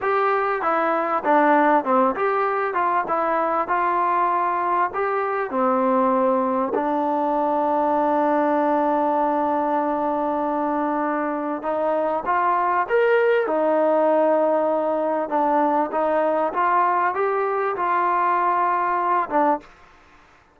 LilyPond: \new Staff \with { instrumentName = "trombone" } { \time 4/4 \tempo 4 = 98 g'4 e'4 d'4 c'8 g'8~ | g'8 f'8 e'4 f'2 | g'4 c'2 d'4~ | d'1~ |
d'2. dis'4 | f'4 ais'4 dis'2~ | dis'4 d'4 dis'4 f'4 | g'4 f'2~ f'8 d'8 | }